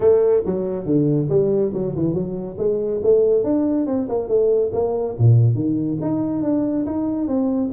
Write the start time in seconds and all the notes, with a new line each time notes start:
0.00 A3
0.45 F#3
0.85 D3
1.29 G3
1.73 F#3
1.95 E3
2.14 F#3
2.57 G#3
3.03 A3
3.43 D4
3.86 C4
4.09 A#3
4.28 A3
4.73 A#3
5.18 A#2
5.55 D#3
6.01 D#4
6.42 D4
6.86 D#4
7.27 C4